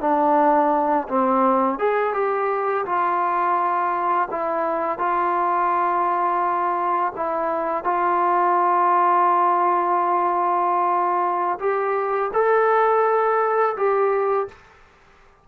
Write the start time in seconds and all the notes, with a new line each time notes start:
0.00 D4
1.08 C4
1.78 G#4
2.13 G4
2.85 F4
4.30 E4
4.98 F4
7.16 E4
7.83 F4
11.59 G4
12.33 A4
13.76 G4